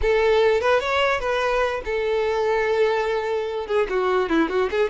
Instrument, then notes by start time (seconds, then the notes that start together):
violin
0.01 A4
0.61 B4
0.80 C#5
1.19 B4
1.85 A4
3.66 G#4
3.89 F#4
4.29 E4
4.49 F#4
4.70 G#4